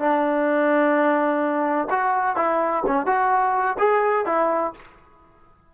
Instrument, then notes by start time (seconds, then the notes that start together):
trombone
0.00 D4
1.91 F#4
2.37 E4
2.86 C#4
3.07 F#4
3.79 G#4
4.26 E4